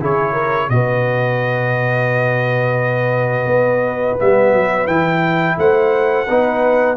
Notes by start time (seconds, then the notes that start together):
0.00 C#3 E4 G#4 C#5
0.33 A#4
0.69 B2 F#4 B4 D#5
3.46 B3
4.19 G3 B3 E5
4.53 F#3
4.87 E3 E4 G5
5.57 A3 C5 F#5
6.27 B3 D#4 B4